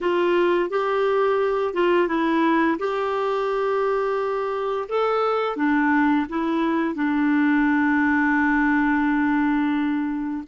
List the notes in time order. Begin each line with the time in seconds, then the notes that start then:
0.01 F4
0.69 G4
1.73 F4
2.07 E4
2.78 G4
4.88 A4
5.56 D4
6.29 E4
6.94 D4